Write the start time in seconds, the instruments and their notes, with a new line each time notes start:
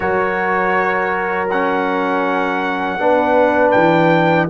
0.00 tuba F#3, trombone F#4, horn A#4, trumpet C#5
1.50 trombone C#4, trumpet F#5
2.98 tuba B3, trombone D4, horn B4
3.71 tuba E3, trumpet G5